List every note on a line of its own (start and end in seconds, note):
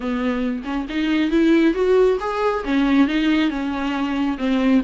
0.00 0.63 B3
0.64 0.86 C#4
0.89 1.30 D#4
1.30 1.74 E4
1.74 2.17 F#4
2.20 2.64 G#4
2.64 3.07 C#4
3.07 3.49 D#4
3.49 4.37 C#4
4.38 4.81 C4